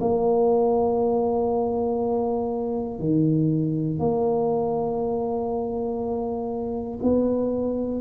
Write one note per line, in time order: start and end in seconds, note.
0.00 2.99 A#3
2.99 3.99 D#3
3.99 6.99 A#3
7.02 8.01 B3